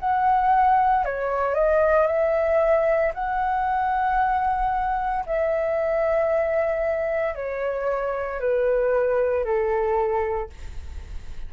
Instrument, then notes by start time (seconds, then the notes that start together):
flute
0.00 F#5
1.05 C#5
1.55 D#5
2.07 E5
3.14 F#5
5.26 E5
7.35 C#5
8.40 B4
9.44 A4